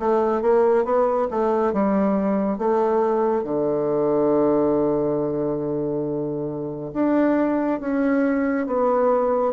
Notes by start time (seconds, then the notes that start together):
0.00 A3
0.42 A#3
0.85 B3
1.31 A3
1.74 G3
2.58 A3
3.44 D3
6.94 D4
7.81 C#4
8.67 B3